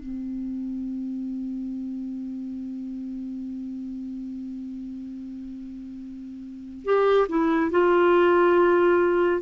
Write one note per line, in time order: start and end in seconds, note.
0.00 6.85 C4
6.85 7.28 G4
7.29 7.71 E4
7.71 9.42 F4